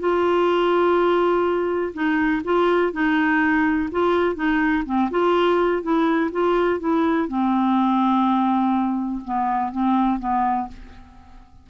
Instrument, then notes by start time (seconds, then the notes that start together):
clarinet
0.00 F4
1.94 D#4
2.45 F4
2.93 D#4
3.92 F4
4.36 D#4
4.86 C4
5.11 F4
5.83 E4
6.32 F4
6.80 E4
7.28 C4
9.25 B3
9.72 C4
10.20 B3